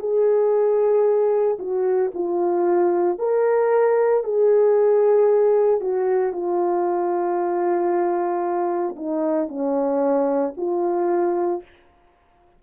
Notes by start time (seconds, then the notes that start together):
0.00 G#4
1.59 F#4
2.15 F4
3.19 A#4
4.24 G#4
5.81 F#4
6.33 F4
8.97 D#4
9.49 C#4
10.57 F4